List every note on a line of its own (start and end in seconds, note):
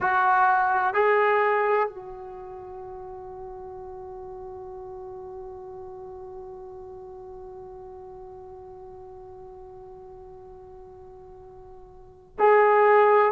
0.00 0.94 F#4
0.94 1.88 G#4
1.88 12.36 F#4
12.39 13.32 G#4